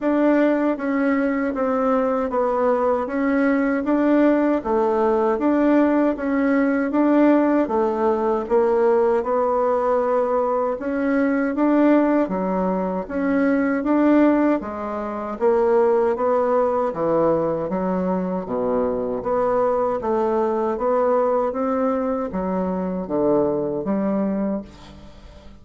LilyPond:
\new Staff \with { instrumentName = "bassoon" } { \time 4/4 \tempo 4 = 78 d'4 cis'4 c'4 b4 | cis'4 d'4 a4 d'4 | cis'4 d'4 a4 ais4 | b2 cis'4 d'4 |
fis4 cis'4 d'4 gis4 | ais4 b4 e4 fis4 | b,4 b4 a4 b4 | c'4 fis4 d4 g4 | }